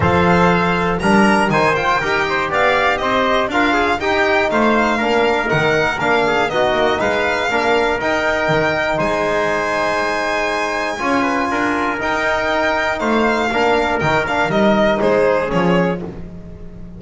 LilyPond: <<
  \new Staff \with { instrumentName = "violin" } { \time 4/4 \tempo 4 = 120 f''2 ais''4 gis''8 g''8~ | g''4 f''4 dis''4 f''4 | g''4 f''2 fis''4 | f''4 dis''4 f''2 |
g''2 gis''2~ | gis''1 | g''2 f''2 | g''8 f''8 dis''4 c''4 cis''4 | }
  \new Staff \with { instrumentName = "trumpet" } { \time 4/4 c''2 ais'4 c''4 | ais'8 c''8 d''4 c''4 ais'8 gis'8 | g'4 c''4 ais'2~ | ais'8 gis'8 fis'4 b'4 ais'4~ |
ais'2 c''2~ | c''2 cis''8 b'8 ais'4~ | ais'2 c''4 ais'4~ | ais'2 gis'2 | }
  \new Staff \with { instrumentName = "trombone" } { \time 4/4 a'2 d'4 dis'8 f'8 | g'2. f'4 | dis'2 d'4 dis'4 | d'4 dis'2 d'4 |
dis'1~ | dis'2 f'2 | dis'2. d'4 | dis'8 d'8 dis'2 cis'4 | }
  \new Staff \with { instrumentName = "double bass" } { \time 4/4 f2 g4 dis4 | dis'4 b4 c'4 d'4 | dis'4 a4 ais4 dis4 | ais4 b8 ais8 gis4 ais4 |
dis'4 dis4 gis2~ | gis2 cis'4 d'4 | dis'2 a4 ais4 | dis4 g4 gis4 f4 | }
>>